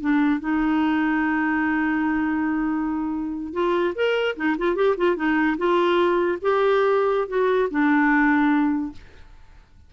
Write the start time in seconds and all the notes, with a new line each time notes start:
0.00 D4
0.40 D#4
3.53 F4
3.95 A#4
4.36 D#4
4.58 F4
4.75 G4
4.97 F4
5.16 D#4
5.57 F4
6.41 G4
7.28 F#4
7.70 D4